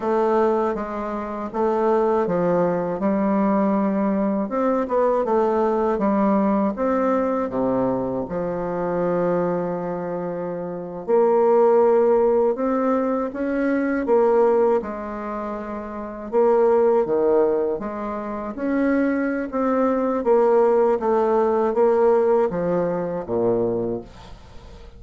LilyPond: \new Staff \with { instrumentName = "bassoon" } { \time 4/4 \tempo 4 = 80 a4 gis4 a4 f4 | g2 c'8 b8 a4 | g4 c'4 c4 f4~ | f2~ f8. ais4~ ais16~ |
ais8. c'4 cis'4 ais4 gis16~ | gis4.~ gis16 ais4 dis4 gis16~ | gis8. cis'4~ cis'16 c'4 ais4 | a4 ais4 f4 ais,4 | }